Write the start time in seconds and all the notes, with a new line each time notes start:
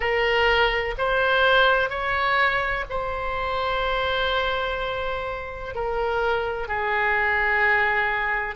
0.00 A#4
0.97 C5
1.89 C#5
2.89 C5
5.74 A#4
6.68 G#4